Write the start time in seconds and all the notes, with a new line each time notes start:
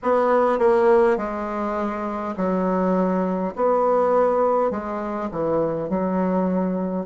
0.02 B3
0.59 A#3
1.17 G#3
2.36 F#3
3.56 B3
4.71 G#3
5.30 E3
5.89 F#3